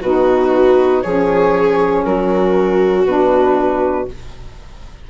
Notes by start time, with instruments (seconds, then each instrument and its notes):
0.00 bassoon B2, saxophone D#4, viola F#4, flute B4
1.01 bassoon F3, saxophone C#4, viola G#4, flute C#5
2.04 bassoon F#3, viola F#4, flute A#4
3.05 bassoon B2, saxophone D4, flute B4